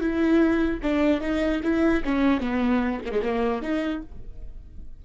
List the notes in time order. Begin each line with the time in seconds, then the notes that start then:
0.00 E4
0.82 D4
1.21 D#4
1.63 E4
2.04 C#4
2.40 B3
3.05 A#3
3.11 G#3
3.22 A#3
3.62 D#4